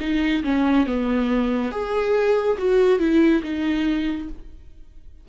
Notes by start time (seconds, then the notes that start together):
0.00 D#4
0.43 C#4
0.86 B3
1.71 G#4
2.58 F#4
2.99 E4
3.42 D#4